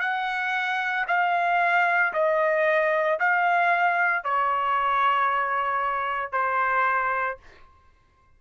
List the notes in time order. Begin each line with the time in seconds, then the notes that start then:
0.00 F#5
1.08 F5
2.13 D#5
3.20 F5
4.24 C#5
6.32 C5